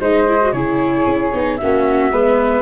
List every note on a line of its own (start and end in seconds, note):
0.00 0.53 G#3
0.00 0.27 D#4
0.00 0.53 C5
0.00 0.52 D#5
0.27 0.41 E4
0.41 0.54 F#4
0.52 1.05 C#3
0.52 1.33 E4
0.52 1.59 G#4
0.52 1.57 C#5
1.06 1.32 C#4
1.33 1.60 B3
1.33 1.59 D#4
1.57 2.12 C#4
1.57 2.12 F#4
1.57 2.62 E5
1.63 2.11 A#3
2.11 2.62 G#3
2.11 2.62 B3
2.11 2.62 B4